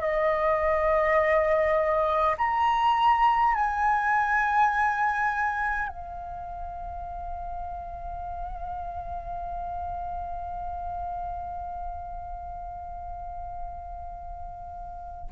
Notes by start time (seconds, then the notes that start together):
0.00 D#5
2.37 A#5
3.55 G#5
5.88 F5